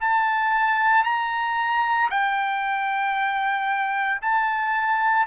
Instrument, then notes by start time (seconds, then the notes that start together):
trumpet
0.00 A5
1.04 A#5
2.10 G5
4.21 A5